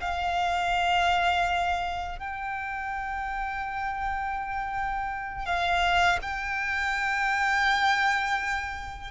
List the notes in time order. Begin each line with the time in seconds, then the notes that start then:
0.00 F5
2.19 G5
5.45 F5
6.22 G5